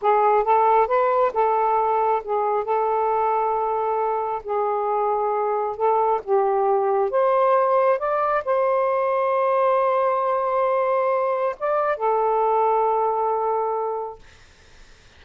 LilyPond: \new Staff \with { instrumentName = "saxophone" } { \time 4/4 \tempo 4 = 135 gis'4 a'4 b'4 a'4~ | a'4 gis'4 a'2~ | a'2 gis'2~ | gis'4 a'4 g'2 |
c''2 d''4 c''4~ | c''1~ | c''2 d''4 a'4~ | a'1 | }